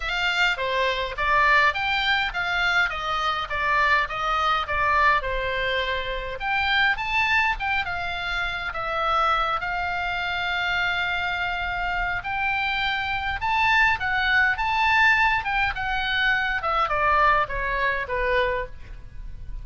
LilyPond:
\new Staff \with { instrumentName = "oboe" } { \time 4/4 \tempo 4 = 103 f''4 c''4 d''4 g''4 | f''4 dis''4 d''4 dis''4 | d''4 c''2 g''4 | a''4 g''8 f''4. e''4~ |
e''8 f''2.~ f''8~ | f''4 g''2 a''4 | fis''4 a''4. g''8 fis''4~ | fis''8 e''8 d''4 cis''4 b'4 | }